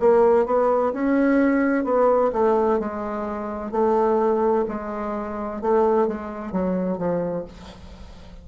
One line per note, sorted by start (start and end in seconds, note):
0.00 0.46 A#3
0.46 0.92 B3
0.93 1.85 C#4
1.85 2.31 B3
2.33 2.79 A3
2.79 3.72 G#3
3.72 4.65 A3
4.68 5.61 G#3
5.61 6.07 A3
6.07 6.52 G#3
6.52 6.98 F#3
6.98 7.45 F3